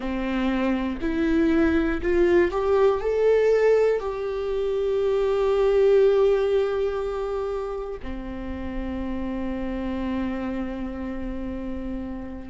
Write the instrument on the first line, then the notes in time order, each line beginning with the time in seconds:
viola
0.00 C4
1.01 E4
2.02 F4
2.51 G4
3.00 A4
3.99 G4
8.03 C4